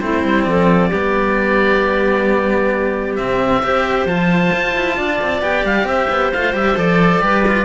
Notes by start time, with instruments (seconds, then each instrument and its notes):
0.00 cello A3 C4, clarinet E4, oboe C5
0.24 cello G3
0.44 cello F3, clarinet A4, oboe D5
0.89 cello G3 B3, clarinet G4
3.16 cello C3 C4, oboe E5
3.62 cello C4 G4, clarinet C5
4.05 cello F3 F4, oboe A5
4.53 cello F4
4.76 cello E4
4.97 cello D4, clarinet D5
5.21 cello C4
5.41 cello B3 G4, oboe G5
5.64 cello G3, oboe F5
5.84 cello C4, clarinet C5, oboe E5
6.09 cello B3
6.32 cello A3 F4, oboe F5
6.53 cello G3 G4, oboe E5
6.77 cello F3 A4, oboe D5
7.21 cello G3 G4, clarinet B4
7.48 cello F4